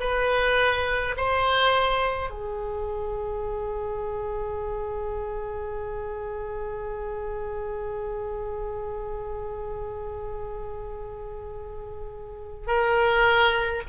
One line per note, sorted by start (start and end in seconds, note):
0.00 1.15 B4
1.17 2.30 C5
2.30 12.68 G#4
12.68 13.83 A#4